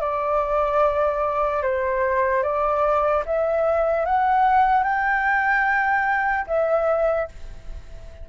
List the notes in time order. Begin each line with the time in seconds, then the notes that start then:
0.00 D5
1.63 C5
2.43 D5
3.26 E5
4.05 F#5
4.83 G5
6.47 E5